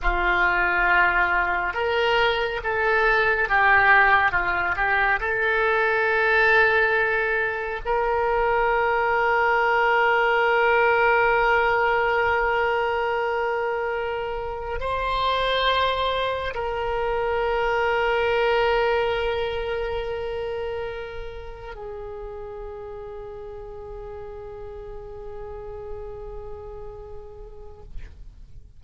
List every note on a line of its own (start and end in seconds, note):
0.02 1.74 F4
1.74 2.60 A#4
2.63 3.48 A4
3.48 4.31 G4
4.31 4.75 F4
4.76 5.19 G4
5.20 7.81 A4
7.85 14.79 A#4
14.79 16.53 C5
16.54 21.75 A#4
21.75 27.83 G#4